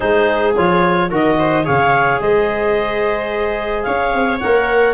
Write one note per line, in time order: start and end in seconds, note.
0.00 0.57 G#3
0.00 0.54 D#4
0.00 1.09 G#4
0.00 0.54 C5
0.56 1.11 F3
0.56 1.10 F4
0.56 1.11 C#5
1.10 1.66 D#3
1.10 1.64 F#4
1.10 1.37 A#4
1.10 1.66 D#5
1.38 1.65 C5
1.64 2.20 C#3
1.64 4.39 G#4
1.64 2.20 C#5
1.64 2.20 F5
2.20 3.85 G#3
2.20 3.85 C5
2.20 3.83 D#5
3.83 4.13 C#4
3.83 4.94 C#5
3.83 4.38 F5
4.13 4.41 C4
4.39 4.94 A#3
4.39 4.94 A#4
4.39 4.94 F#5